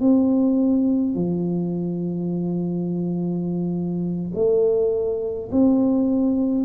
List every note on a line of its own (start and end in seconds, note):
0.00 1.15 C4
1.15 4.32 F3
4.35 5.50 A3
5.52 6.65 C4